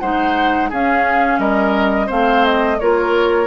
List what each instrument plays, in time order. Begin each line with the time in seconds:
0.00 bassoon G#3, clarinet D#4, oboe C5, flute F#5
0.70 bassoon C#4, clarinet C#4, oboe G#4, flute F5
1.39 bassoon G3, oboe A#4, flute D#5
2.07 bassoon A3, clarinet C4, oboe C5, flute F5
2.46 flute D#5
2.80 bassoon A#3, clarinet F4, oboe A#4, flute C#5